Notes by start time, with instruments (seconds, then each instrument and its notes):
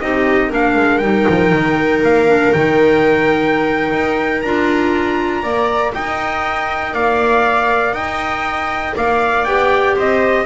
0.00 double bass C4, clarinet D#4, viola G4, trumpet D#5
0.49 double bass A#3, clarinet D4, viola A#4, trumpet F5
0.76 double bass G#3
0.98 double bass G3, clarinet D#4, trumpet G5
1.29 double bass F3
1.53 double bass D#3
2.03 double bass A#3, trumpet F5
2.28 clarinet D4
2.52 double bass D#3, clarinet D#4, trumpet G5
3.92 double bass D#4
4.41 double bass D4, clarinet F4, trumpet A#5
5.42 double bass A#3, clarinet A#4, viola D5
5.94 double bass D#4, viola D#5, trumpet G5
6.93 double bass A#3, viola D5, trumpet F5
7.93 double bass D#4, viola D#5, trumpet G5
8.96 double bass A#3, viola D5, trumpet F5
9.44 double bass B3, clarinet G4, trumpet G5
9.96 double bass C4, viola C5, trumpet D#5